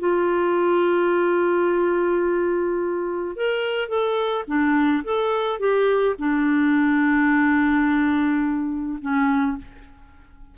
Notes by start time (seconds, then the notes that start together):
0.00 F4
3.37 A#4
3.89 A4
4.48 D4
5.05 A4
5.60 G4
6.19 D4
9.02 C#4